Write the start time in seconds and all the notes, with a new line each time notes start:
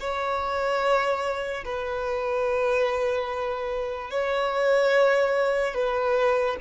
0.00 C#5
1.65 B4
4.11 C#5
5.74 B4